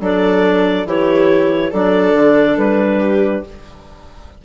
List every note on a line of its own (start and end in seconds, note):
0.00 0.85 F#3
0.00 0.86 D4
0.00 0.87 A4
0.00 0.88 D5
0.85 1.71 E3
0.85 1.72 E4
0.85 1.70 G4
0.85 1.72 C#5
1.70 2.14 F#3
1.70 3.44 D4
1.70 2.99 A4
1.70 2.58 D5
2.14 2.56 D3
2.57 3.43 G3
2.57 3.44 B4
2.99 3.42 G4